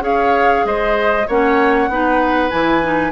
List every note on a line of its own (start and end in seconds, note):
0.00 0.62 C#4
0.00 1.24 G#4
0.00 0.65 C#5
0.00 0.66 F5
0.64 1.26 G#3
0.64 1.27 C5
0.64 1.28 D#5
1.27 1.88 A#3
1.27 1.90 C#4
1.27 1.89 C#5
1.27 2.50 F#5
1.88 2.50 B3
1.88 2.50 D#4
1.88 3.11 B4
2.50 3.11 E3
2.50 2.81 E4
2.50 3.11 G#5
2.83 3.11 D#4